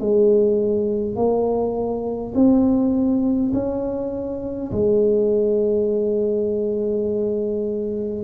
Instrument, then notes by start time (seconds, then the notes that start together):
tuba
0.00 G#3
1.16 A#3
2.35 C4
3.53 C#4
4.72 G#3